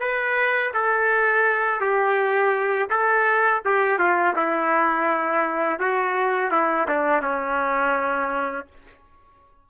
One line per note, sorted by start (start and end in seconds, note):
0.00 0.72 B4
0.74 1.81 A4
1.81 2.89 G4
2.90 3.62 A4
3.65 3.99 G4
3.99 4.35 F4
4.36 5.80 E4
5.80 6.51 F#4
6.51 6.87 E4
6.88 7.22 D4
7.22 8.67 C#4